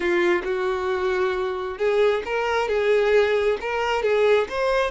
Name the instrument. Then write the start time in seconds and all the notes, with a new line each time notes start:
violin
0.00 F4
0.44 F#4
1.78 G#4
2.25 A#4
2.68 G#4
3.60 A#4
4.02 G#4
4.49 C5